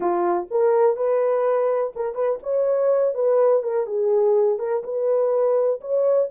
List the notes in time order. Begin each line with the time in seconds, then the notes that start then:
0.00 F4
0.50 A#4
0.96 B4
1.95 A#4
2.14 B4
2.43 C#5
3.14 B4
3.62 A#4
3.86 G#4
4.59 A#4
4.83 B4
5.80 C#5